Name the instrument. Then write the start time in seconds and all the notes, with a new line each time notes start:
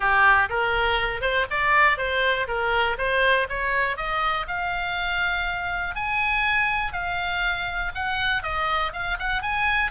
oboe
0.00 G4
0.49 A#4
1.21 C5
1.50 D5
1.97 C5
2.47 A#4
2.98 C5
3.49 C#5
3.97 D#5
4.47 F5
5.95 G#5
6.92 F5
7.94 F#5
8.43 D#5
8.92 F5
9.19 F#5
9.41 G#5